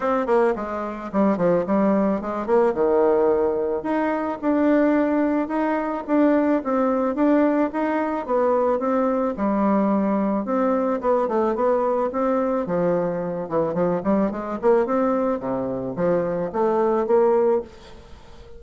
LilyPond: \new Staff \with { instrumentName = "bassoon" } { \time 4/4 \tempo 4 = 109 c'8 ais8 gis4 g8 f8 g4 | gis8 ais8 dis2 dis'4 | d'2 dis'4 d'4 | c'4 d'4 dis'4 b4 |
c'4 g2 c'4 | b8 a8 b4 c'4 f4~ | f8 e8 f8 g8 gis8 ais8 c'4 | c4 f4 a4 ais4 | }